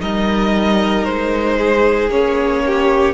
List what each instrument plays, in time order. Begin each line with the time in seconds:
0.00 cello G3, viola D#4, violin A#4 D#5
1.05 cello G#3, violin C5
1.58 violin G#4
2.09 cello A#3, viola C#4, violin C#5
2.66 violin G4